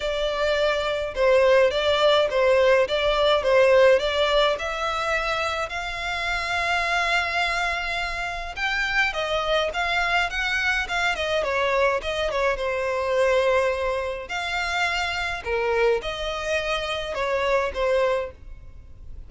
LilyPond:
\new Staff \with { instrumentName = "violin" } { \time 4/4 \tempo 4 = 105 d''2 c''4 d''4 | c''4 d''4 c''4 d''4 | e''2 f''2~ | f''2. g''4 |
dis''4 f''4 fis''4 f''8 dis''8 | cis''4 dis''8 cis''8 c''2~ | c''4 f''2 ais'4 | dis''2 cis''4 c''4 | }